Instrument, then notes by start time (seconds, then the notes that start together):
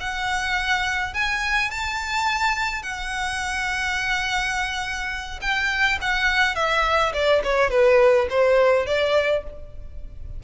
violin
0.00 F#5
1.14 G#5
1.70 A5
2.83 F#5
5.41 G5
6.01 F#5
6.55 E5
7.13 D5
7.44 C#5
7.70 B4
8.30 C5
8.86 D5